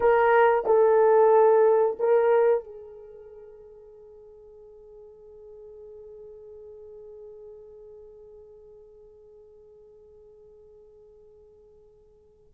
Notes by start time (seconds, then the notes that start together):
0.00 A#4
0.65 A4
1.99 A#4
2.64 G#4